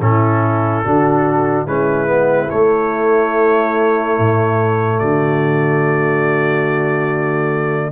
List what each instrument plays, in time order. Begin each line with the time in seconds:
0.00 tuba A2, trombone C#4, horn E4, trumpet A4
0.84 tuba D3, trombone D4, horn F#4
1.65 tuba G#3, trombone C#4, horn E4, trumpet B4
2.06 trombone B3
2.49 trombone A3, tuba A3, trumpet C#5
4.18 tuba A2
4.99 tuba D3, horn F#4, trumpet D5